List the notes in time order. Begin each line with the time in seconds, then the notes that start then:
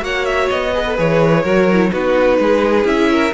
0.00 A#3 F#4 C#5 F#5
0.25 E5
0.49 B3 D#5
0.73 G#4 B4
0.86 A4
0.96 E3 G#4 C#5
1.43 F#3 F#4 A#4
1.72 E4
1.90 B3 D#4 F#4 B4
2.39 G#3 G#4
2.83 C#4 E4 E5
3.12 A#4